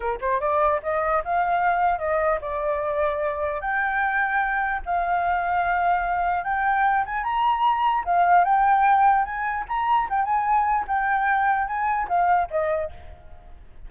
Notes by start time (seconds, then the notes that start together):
0.00 A#4
0.21 C5
0.40 D5
0.82 D#5
1.24 F5
1.98 D#5
2.41 D5
3.60 G5
4.85 F5
6.44 G5
7.05 G#5
7.23 A#5
8.04 F5
8.44 G5
9.24 G#5
9.68 A#5
10.09 G5
10.24 G#5
10.87 G5
11.67 G#5
12.08 F5
12.50 D#5